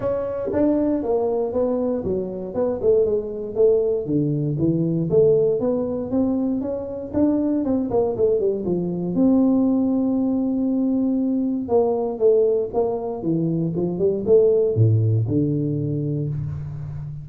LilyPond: \new Staff \with { instrumentName = "tuba" } { \time 4/4 \tempo 4 = 118 cis'4 d'4 ais4 b4 | fis4 b8 a8 gis4 a4 | d4 e4 a4 b4 | c'4 cis'4 d'4 c'8 ais8 |
a8 g8 f4 c'2~ | c'2. ais4 | a4 ais4 e4 f8 g8 | a4 a,4 d2 | }